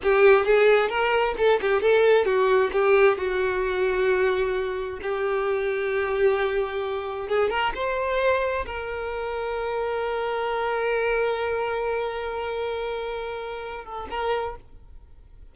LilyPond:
\new Staff \with { instrumentName = "violin" } { \time 4/4 \tempo 4 = 132 g'4 gis'4 ais'4 a'8 g'8 | a'4 fis'4 g'4 fis'4~ | fis'2. g'4~ | g'1 |
gis'8 ais'8 c''2 ais'4~ | ais'1~ | ais'1~ | ais'2~ ais'8 a'8 ais'4 | }